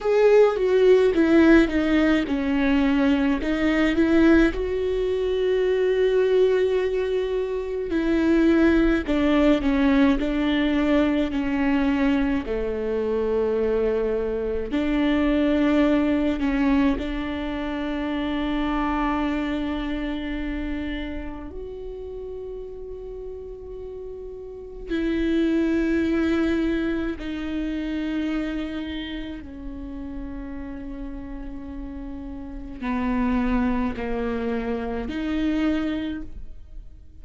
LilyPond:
\new Staff \with { instrumentName = "viola" } { \time 4/4 \tempo 4 = 53 gis'8 fis'8 e'8 dis'8 cis'4 dis'8 e'8 | fis'2. e'4 | d'8 cis'8 d'4 cis'4 a4~ | a4 d'4. cis'8 d'4~ |
d'2. fis'4~ | fis'2 e'2 | dis'2 cis'2~ | cis'4 b4 ais4 dis'4 | }